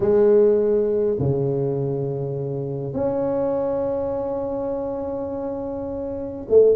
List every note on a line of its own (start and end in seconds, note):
0.00 1.17 G#3
1.19 2.93 C#3
2.93 6.46 C#4
6.48 6.76 A3